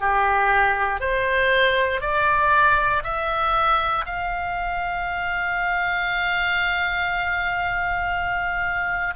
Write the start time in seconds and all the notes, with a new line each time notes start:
0.00 G4
1.00 C5
2.01 D5
3.03 E5
4.05 F5